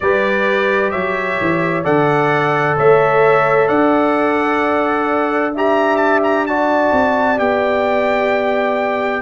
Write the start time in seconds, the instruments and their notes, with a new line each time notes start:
0.00 tuba G3, trombone G4, horn B4, trumpet D5
0.90 tuba F#3, horn C#5, trumpet E5
1.41 tuba E3
1.83 tuba D3, trombone A4, horn D5, trumpet F#5
2.76 tuba A3, horn C#5, trumpet E5
3.67 tuba D4, horn D5, trumpet F#5
5.54 trombone G4, horn E5, trumpet A#5
5.96 trumpet A5
6.23 trumpet A#5
6.46 trombone F#4, horn D5, trumpet A5
6.92 tuba C4
7.37 tuba B3, trombone G4, trumpet G5